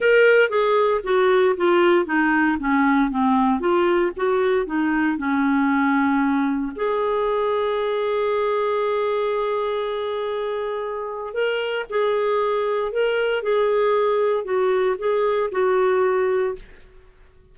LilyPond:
\new Staff \with { instrumentName = "clarinet" } { \time 4/4 \tempo 4 = 116 ais'4 gis'4 fis'4 f'4 | dis'4 cis'4 c'4 f'4 | fis'4 dis'4 cis'2~ | cis'4 gis'2.~ |
gis'1~ | gis'2 ais'4 gis'4~ | gis'4 ais'4 gis'2 | fis'4 gis'4 fis'2 | }